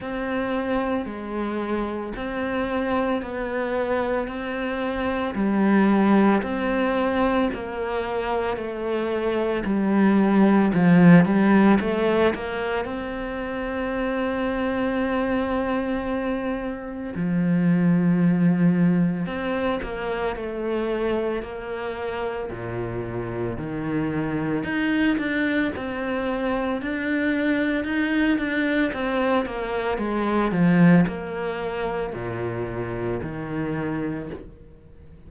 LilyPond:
\new Staff \with { instrumentName = "cello" } { \time 4/4 \tempo 4 = 56 c'4 gis4 c'4 b4 | c'4 g4 c'4 ais4 | a4 g4 f8 g8 a8 ais8 | c'1 |
f2 c'8 ais8 a4 | ais4 ais,4 dis4 dis'8 d'8 | c'4 d'4 dis'8 d'8 c'8 ais8 | gis8 f8 ais4 ais,4 dis4 | }